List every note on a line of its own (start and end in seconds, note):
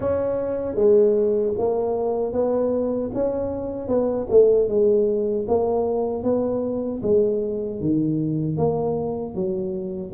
0.00 0.75 C#4
0.75 1.53 G#3
1.58 2.32 A#3
2.32 3.10 B3
3.14 3.87 C#4
3.87 4.26 B3
4.30 4.68 A3
4.68 5.46 G#3
5.48 6.23 A#3
6.23 7.01 B3
7.02 7.80 G#3
7.80 8.57 D#3
8.57 9.34 A#3
9.34 10.12 F#3